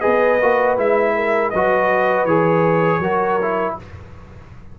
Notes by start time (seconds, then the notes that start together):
0.00 B3 G#4 B4 D#5
0.41 A#3 F#4
0.77 G#3 E4 E5
1.15 A#4
1.50 F#3 F#4 B4 D#5
2.24 E3 G#4 C#5
2.99 F#3 F#4 A#4
3.41 E4